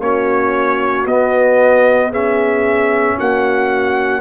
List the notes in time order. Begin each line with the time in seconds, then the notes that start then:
0.00 A#3 C#4 F#4 C#5
1.05 B3 D#5
2.10 C#4 G#4 E5
3.18 A#3 F#4 F#5